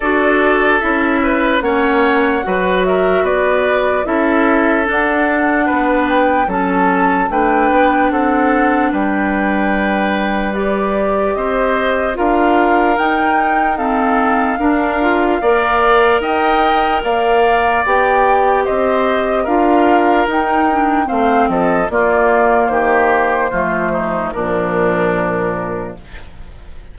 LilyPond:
<<
  \new Staff \with { instrumentName = "flute" } { \time 4/4 \tempo 4 = 74 d''4 e''4 fis''4. e''8 | d''4 e''4 fis''4. g''8 | a''4 g''4 fis''4 g''4~ | g''4 d''4 dis''4 f''4 |
g''4 f''2. | g''4 f''4 g''4 dis''4 | f''4 g''4 f''8 dis''8 d''4 | c''2 ais'2 | }
  \new Staff \with { instrumentName = "oboe" } { \time 4/4 a'4. b'8 cis''4 b'8 ais'8 | b'4 a'2 b'4 | a'4 b'4 a'4 b'4~ | b'2 c''4 ais'4~ |
ais'4 a'4 ais'4 d''4 | dis''4 d''2 c''4 | ais'2 c''8 a'8 f'4 | g'4 f'8 dis'8 d'2 | }
  \new Staff \with { instrumentName = "clarinet" } { \time 4/4 fis'4 e'4 cis'4 fis'4~ | fis'4 e'4 d'2 | cis'4 d'2.~ | d'4 g'2 f'4 |
dis'4 c'4 d'8 f'8 ais'4~ | ais'2 g'2 | f'4 dis'8 d'8 c'4 ais4~ | ais4 a4 f2 | }
  \new Staff \with { instrumentName = "bassoon" } { \time 4/4 d'4 cis'4 ais4 fis4 | b4 cis'4 d'4 b4 | fis4 a8 b8 c'4 g4~ | g2 c'4 d'4 |
dis'2 d'4 ais4 | dis'4 ais4 b4 c'4 | d'4 dis'4 a8 f8 ais4 | dis4 f4 ais,2 | }
>>